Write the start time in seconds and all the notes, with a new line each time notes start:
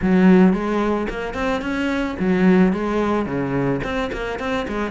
0.02 F#3
0.53 G#3
1.09 A#3
1.34 C4
1.61 C#4
2.19 F#3
2.72 G#3
3.26 C#3
3.83 C4
4.12 A#3
4.39 C4
4.68 G#3